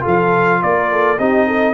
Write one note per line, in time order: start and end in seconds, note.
0.00 0.62 F3
0.00 1.17 F4
0.00 0.60 A4
0.07 0.62 F5
0.62 1.19 A#3
0.62 0.91 A#4
0.62 1.19 D5
0.91 1.19 A4
1.19 1.74 C4
1.19 1.74 D#4
1.19 1.46 G4
1.19 1.74 D#5
1.46 1.74 A4